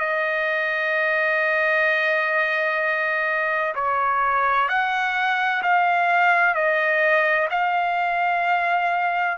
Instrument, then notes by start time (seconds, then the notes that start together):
trumpet
0.00 D#5
3.75 C#5
4.69 F#5
5.63 F5
6.55 D#5
7.51 F5